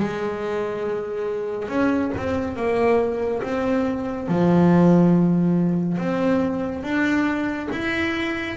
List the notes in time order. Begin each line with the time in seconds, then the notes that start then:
0.00 G#3
1.69 C#4
2.17 C4
2.57 A#3
3.43 C4
4.29 F3
5.98 C4
6.83 D4
7.72 E4